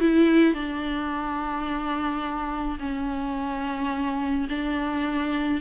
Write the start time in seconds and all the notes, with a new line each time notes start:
0.00 E4
0.54 D4
2.79 C#4
4.49 D4